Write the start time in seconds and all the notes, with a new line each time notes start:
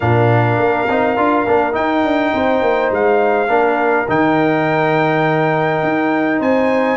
0.00 A#2 D4 A#4 F5
0.58 A#3
0.88 C4 D#4
1.16 D4 F4
1.47 A#3 D4
1.72 D#4 G5
2.04 D4
2.33 C4 C5
2.61 A#3
2.91 G#3 F5
3.47 A#3 D4 A#4
4.08 D#3 D#4 G5
5.83 D#4
6.39 C4 C5 G#5